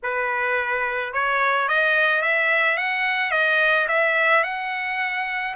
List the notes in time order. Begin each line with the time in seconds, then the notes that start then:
0.03 B4
1.13 C#5
1.68 D#5
2.21 E5
2.77 F#5
3.31 D#5
3.88 E5
4.43 F#5